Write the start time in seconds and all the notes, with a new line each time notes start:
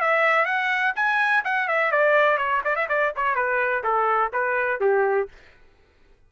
0.00 E5
0.45 F#5
0.95 G#5
1.44 F#5
1.68 E5
1.91 D5
2.37 C#5
2.64 D5
2.75 E5
2.88 D5
3.15 C#5
3.35 B4
3.83 A4
4.32 B4
4.80 G4